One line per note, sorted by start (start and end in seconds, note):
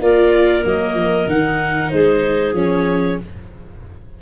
0.00 0.64 A#3
0.00 0.63 F4
0.00 1.93 A#4
0.00 0.65 D5
0.63 0.94 F#3
0.63 1.27 A#3
0.63 1.28 D#5
0.94 1.26 F3
1.27 1.91 D#3
1.27 2.55 D#4
1.27 1.89 F#5
1.89 2.53 G#3
1.89 3.21 G#4
1.89 2.53 C5
2.53 3.16 F3
2.53 3.18 C#4
2.53 3.20 C#5